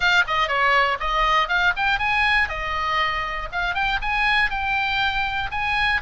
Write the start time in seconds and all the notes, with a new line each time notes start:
0.00 F5
0.27 D#5
0.47 C#5
1.00 D#5
1.48 F5
1.76 G5
1.98 G#5
2.48 D#5
3.52 F5
3.74 G5
4.01 G#5
4.50 G5
5.51 G#5